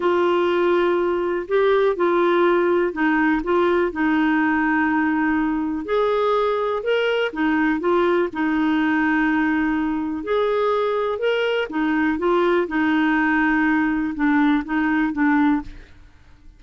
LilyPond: \new Staff \with { instrumentName = "clarinet" } { \time 4/4 \tempo 4 = 123 f'2. g'4 | f'2 dis'4 f'4 | dis'1 | gis'2 ais'4 dis'4 |
f'4 dis'2.~ | dis'4 gis'2 ais'4 | dis'4 f'4 dis'2~ | dis'4 d'4 dis'4 d'4 | }